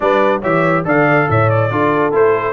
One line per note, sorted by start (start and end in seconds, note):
0.00 0.43 G3
0.00 0.42 D4
0.00 0.40 B4
0.00 0.42 D5
0.40 0.84 E3
0.40 0.84 G4
0.40 0.83 C#5
0.40 0.85 E5
0.84 1.27 D3
0.84 1.70 A4
0.84 1.28 D5
0.84 1.30 F5
1.29 1.70 A2
1.29 1.71 C#5
1.29 1.49 E5
1.49 2.13 D5
1.70 2.12 D4
1.70 2.12 F4
1.70 2.53 A4
2.12 2.53 A3
2.12 2.53 E4
2.12 2.53 C5